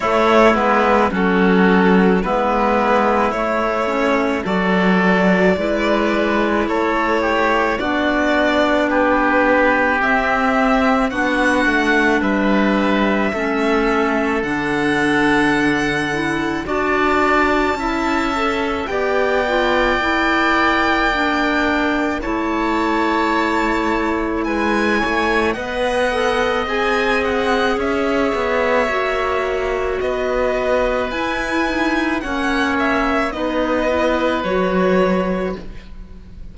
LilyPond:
<<
  \new Staff \with { instrumentName = "violin" } { \time 4/4 \tempo 4 = 54 cis''8 b'8 a'4 b'4 cis''4 | d''2 cis''4 d''4 | b'4 e''4 fis''4 e''4~ | e''4 fis''2 a''4~ |
a''4 g''2. | a''2 gis''4 fis''4 | gis''8 fis''8 e''2 dis''4 | gis''4 fis''8 e''8 dis''4 cis''4 | }
  \new Staff \with { instrumentName = "oboe" } { \time 4/4 e'4 fis'4 e'2 | a'4 b'4 a'8 g'8 fis'4 | g'2 fis'4 b'4 | a'2. d''4 |
e''4 d''2. | cis''2 b'8 cis''8 dis''4~ | dis''4 cis''2 b'4~ | b'4 cis''4 b'2 | }
  \new Staff \with { instrumentName = "clarinet" } { \time 4/4 a8 b8 cis'4 b4 a8 cis'8 | fis'4 e'2 d'4~ | d'4 c'4 d'2 | cis'4 d'4. e'8 fis'4 |
e'8 a'8 g'8 f'8 e'4 d'4 | e'2. b'8 a'8 | gis'2 fis'2 | e'8 dis'8 cis'4 dis'8 e'8 fis'4 | }
  \new Staff \with { instrumentName = "cello" } { \time 4/4 a8 gis8 fis4 gis4 a4 | fis4 gis4 a4 b4~ | b4 c'4 b8 a8 g4 | a4 d2 d'4 |
cis'4 b4 ais2 | a2 gis8 a8 b4 | c'4 cis'8 b8 ais4 b4 | e'4 ais4 b4 fis4 | }
>>